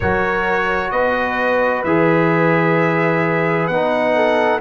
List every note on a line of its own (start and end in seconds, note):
0.00 0.91 F#3
0.00 1.86 F#4
0.00 0.92 A#4
0.00 0.91 C#5
0.91 1.84 B3
0.91 4.15 B4
0.91 1.83 D#5
1.84 3.68 E3
1.84 3.71 G#4
1.84 3.67 E5
3.67 4.60 B3
3.67 4.60 D#4
3.67 4.59 F#5
4.15 4.60 A4